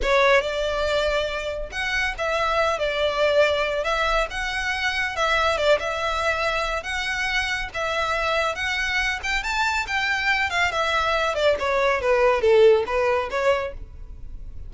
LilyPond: \new Staff \with { instrumentName = "violin" } { \time 4/4 \tempo 4 = 140 cis''4 d''2. | fis''4 e''4. d''4.~ | d''4 e''4 fis''2 | e''4 d''8 e''2~ e''8 |
fis''2 e''2 | fis''4. g''8 a''4 g''4~ | g''8 f''8 e''4. d''8 cis''4 | b'4 a'4 b'4 cis''4 | }